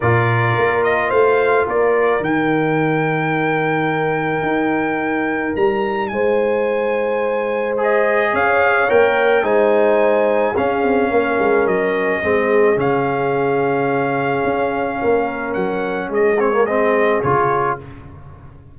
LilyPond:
<<
  \new Staff \with { instrumentName = "trumpet" } { \time 4/4 \tempo 4 = 108 d''4. dis''8 f''4 d''4 | g''1~ | g''2 ais''4 gis''4~ | gis''2 dis''4 f''4 |
g''4 gis''2 f''4~ | f''4 dis''2 f''4~ | f''1 | fis''4 dis''8 cis''8 dis''4 cis''4 | }
  \new Staff \with { instrumentName = "horn" } { \time 4/4 ais'2 c''4 ais'4~ | ais'1~ | ais'2. c''4~ | c''2. cis''4~ |
cis''4 c''2 gis'4 | ais'2 gis'2~ | gis'2. ais'4~ | ais'4 gis'2. | }
  \new Staff \with { instrumentName = "trombone" } { \time 4/4 f'1 | dis'1~ | dis'1~ | dis'2 gis'2 |
ais'4 dis'2 cis'4~ | cis'2 c'4 cis'4~ | cis'1~ | cis'4. c'16 ais16 c'4 f'4 | }
  \new Staff \with { instrumentName = "tuba" } { \time 4/4 ais,4 ais4 a4 ais4 | dis1 | dis'2 g4 gis4~ | gis2. cis'4 |
ais4 gis2 cis'8 c'8 | ais8 gis8 fis4 gis4 cis4~ | cis2 cis'4 ais4 | fis4 gis2 cis4 | }
>>